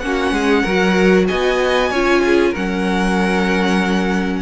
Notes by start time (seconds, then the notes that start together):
0.00 A#3 C#4 F#5
0.07 F#4
0.31 G#3 G#4
0.63 F#3 F#4 A#4
1.27 B3 D#5 G#5
1.90 C#4 F4 C#5
2.25 G#4
2.50 F#3 C#4 A#4 F#5